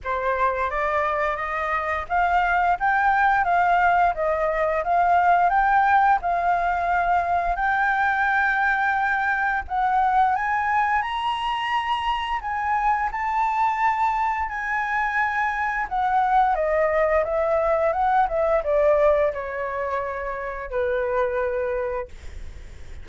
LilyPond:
\new Staff \with { instrumentName = "flute" } { \time 4/4 \tempo 4 = 87 c''4 d''4 dis''4 f''4 | g''4 f''4 dis''4 f''4 | g''4 f''2 g''4~ | g''2 fis''4 gis''4 |
ais''2 gis''4 a''4~ | a''4 gis''2 fis''4 | dis''4 e''4 fis''8 e''8 d''4 | cis''2 b'2 | }